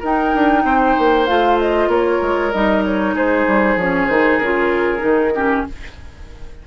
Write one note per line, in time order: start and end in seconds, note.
0.00 0.34 D#4
0.00 1.27 D#4
0.00 0.62 A#4
0.00 1.26 G5
0.34 0.64 D4
0.64 0.95 C4
0.64 1.90 C5
0.99 1.29 A#3
1.26 1.88 A3
1.26 2.52 F4
1.26 1.58 F5
1.59 1.90 D#5
1.88 2.19 A#3
1.88 3.15 A#4
1.88 2.51 C#5
2.22 2.53 G#3
2.51 3.14 G3
2.51 3.79 D#4
2.51 2.83 D#5
2.85 3.16 C#5
3.14 3.46 G#3
3.14 5.34 G#4
3.14 3.79 C5
3.47 3.76 G3
3.76 4.07 F3
3.76 4.11 C#4
3.76 4.07 C#5
4.07 4.40 D#3
4.07 4.42 D#4
4.07 4.38 C5
4.38 5.02 C#3
4.38 4.99 F4
4.38 5.63 A#4
4.99 5.65 D#3
4.99 5.30 D#4
5.35 5.67 C#4
5.35 5.66 G4